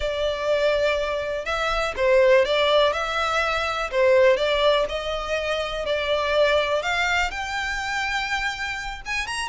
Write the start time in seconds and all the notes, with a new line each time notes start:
0.00 D5
1.45 E5
1.96 C5
2.45 D5
2.92 E5
3.91 C5
4.36 D5
4.88 D#5
5.85 D5
6.82 F5
7.31 G5
9.05 G#5
9.27 A#5